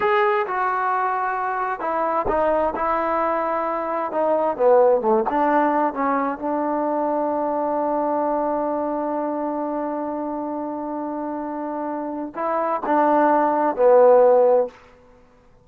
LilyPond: \new Staff \with { instrumentName = "trombone" } { \time 4/4 \tempo 4 = 131 gis'4 fis'2. | e'4 dis'4 e'2~ | e'4 dis'4 b4 a8 d'8~ | d'4 cis'4 d'2~ |
d'1~ | d'1~ | d'2. e'4 | d'2 b2 | }